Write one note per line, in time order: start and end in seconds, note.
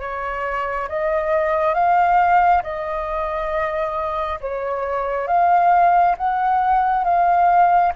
0.00 0.88 C#5
0.89 1.74 D#5
1.74 2.63 F5
2.64 4.40 D#5
4.41 5.28 C#5
5.28 6.16 F5
6.18 7.05 F#5
7.05 7.93 F5